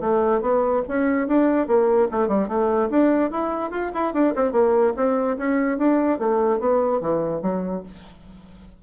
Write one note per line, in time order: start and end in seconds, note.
0.00 0.41 A3
0.41 0.82 B3
0.88 1.27 C#4
1.27 1.67 D4
1.67 2.08 A#3
2.11 2.28 A3
2.28 2.48 G3
2.48 2.89 A3
2.90 3.31 D4
3.31 3.71 E4
3.71 3.91 F4
3.94 4.13 E4
4.13 4.34 D4
4.35 4.52 C4
4.52 4.93 A#3
4.96 5.37 C4
5.37 5.78 C#4
5.78 6.19 D4
6.19 6.59 A3
6.59 7.00 B3
7.01 7.42 E3
7.42 7.83 F#3